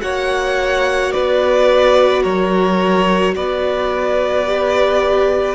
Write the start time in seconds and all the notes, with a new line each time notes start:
0.00 A#3 F#4 C#5 F#5
1.11 B3 B4 D5
2.22 F#3 A#4 C#5
3.35 B3 B4 D5
4.46 G4